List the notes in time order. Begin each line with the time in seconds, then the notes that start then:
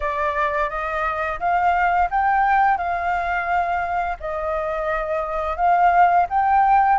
0.00 D5
0.69 D#5
1.39 F5
2.10 G5
2.77 F5
4.20 D#5
5.56 F5
6.29 G5